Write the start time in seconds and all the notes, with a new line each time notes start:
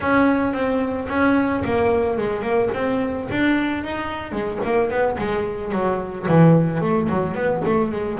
0.00 C#4
0.53 C4
1.08 C#4
1.65 A#3
2.17 G#3
2.41 A#3
2.73 C4
3.31 D4
3.84 D#4
4.32 G#3
4.64 A#3
4.90 B3
5.18 G#3
5.72 F#3
6.28 E3
6.81 A3
7.09 F#3
7.34 B3
7.64 A3
7.91 G#3